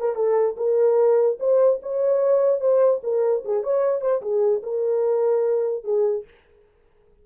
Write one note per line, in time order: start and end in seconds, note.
0.00 0.16 A#4
0.16 0.56 A4
0.57 1.38 A#4
1.40 1.81 C5
1.83 2.61 C#5
2.61 3.01 C5
3.04 3.44 A#4
3.45 3.64 G#4
3.64 4.02 C#5
4.02 4.22 C5
4.22 4.63 G#4
4.63 5.84 A#4
5.84 6.25 G#4